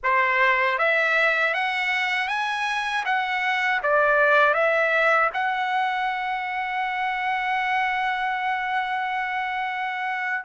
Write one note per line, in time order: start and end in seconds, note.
0.03 0.78 C5
0.78 1.54 E5
1.54 2.28 F#5
2.28 3.04 G#5
3.05 3.81 F#5
3.82 4.54 D5
4.54 5.30 E5
5.33 10.44 F#5